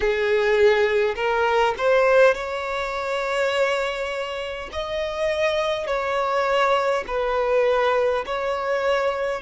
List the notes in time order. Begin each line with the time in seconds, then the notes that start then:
0.00 G#4
1.15 A#4
1.77 C5
2.34 C#5
4.72 D#5
5.87 C#5
7.07 B4
8.26 C#5